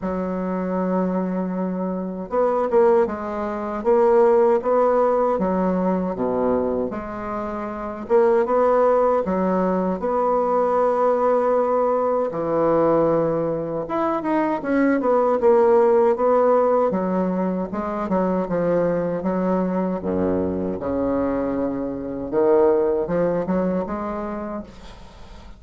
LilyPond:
\new Staff \with { instrumentName = "bassoon" } { \time 4/4 \tempo 4 = 78 fis2. b8 ais8 | gis4 ais4 b4 fis4 | b,4 gis4. ais8 b4 | fis4 b2. |
e2 e'8 dis'8 cis'8 b8 | ais4 b4 fis4 gis8 fis8 | f4 fis4 fis,4 cis4~ | cis4 dis4 f8 fis8 gis4 | }